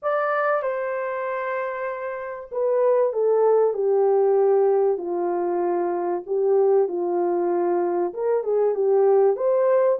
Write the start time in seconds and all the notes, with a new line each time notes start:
0.02 D5
0.62 C5
2.51 B4
3.12 A4
3.73 G4
4.97 F4
6.26 G4
6.88 F4
8.13 A#4
8.43 G#4
8.74 G4
9.36 C5